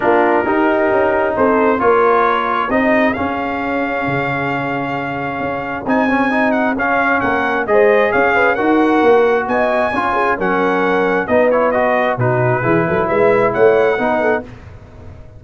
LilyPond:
<<
  \new Staff \with { instrumentName = "trumpet" } { \time 4/4 \tempo 4 = 133 ais'2. c''4 | cis''2 dis''4 f''4~ | f''1~ | f''4 gis''4. fis''8 f''4 |
fis''4 dis''4 f''4 fis''4~ | fis''4 gis''2 fis''4~ | fis''4 dis''8 cis''8 dis''4 b'4~ | b'4 e''4 fis''2 | }
  \new Staff \with { instrumentName = "horn" } { \time 4/4 f'4 g'2 a'4 | ais'2 gis'2~ | gis'1~ | gis'1 |
ais'4 c''4 cis''8 b'8 ais'4~ | ais'4 dis''4 cis''8 gis'8 ais'4~ | ais'4 b'2 fis'4 | gis'8 a'8 b'4 cis''4 b'8 a'8 | }
  \new Staff \with { instrumentName = "trombone" } { \time 4/4 d'4 dis'2. | f'2 dis'4 cis'4~ | cis'1~ | cis'4 dis'8 cis'8 dis'4 cis'4~ |
cis'4 gis'2 fis'4~ | fis'2 f'4 cis'4~ | cis'4 dis'8 e'8 fis'4 dis'4 | e'2. dis'4 | }
  \new Staff \with { instrumentName = "tuba" } { \time 4/4 ais4 dis'4 cis'4 c'4 | ais2 c'4 cis'4~ | cis'4 cis2. | cis'4 c'2 cis'4 |
ais4 gis4 cis'4 dis'4 | ais4 b4 cis'4 fis4~ | fis4 b2 b,4 | e8 fis8 gis4 a4 b4 | }
>>